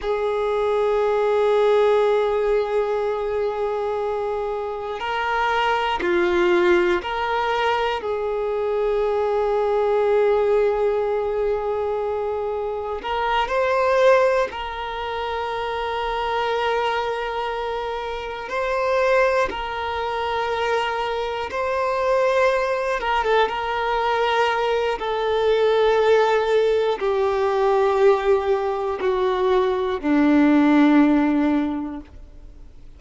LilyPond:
\new Staff \with { instrumentName = "violin" } { \time 4/4 \tempo 4 = 60 gis'1~ | gis'4 ais'4 f'4 ais'4 | gis'1~ | gis'4 ais'8 c''4 ais'4.~ |
ais'2~ ais'8 c''4 ais'8~ | ais'4. c''4. ais'16 a'16 ais'8~ | ais'4 a'2 g'4~ | g'4 fis'4 d'2 | }